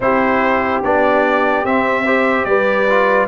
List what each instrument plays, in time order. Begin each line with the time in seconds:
0.00 tuba C4, trombone E4, horn G4, trumpet C5
0.83 tuba B3, trombone D4, trumpet D5
1.64 tuba C4, trombone C4, trumpet E5
2.05 trombone G4, horn C5
2.44 tuba G3, horn B4, trumpet D5
2.89 trombone F4